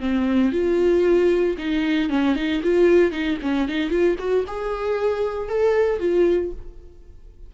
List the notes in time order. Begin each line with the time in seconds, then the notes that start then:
0.00 C4
0.52 F4
1.58 D#4
2.10 C#4
2.36 D#4
2.63 F4
3.12 D#4
3.42 C#4
3.69 D#4
3.90 F4
4.19 F#4
4.48 G#4
5.49 A4
6.00 F4